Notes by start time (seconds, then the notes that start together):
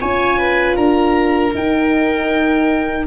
0.00 C#4 F4 C#5 G#5
0.38 B4
0.76 D4 A#4 A#5
1.54 D#4 G5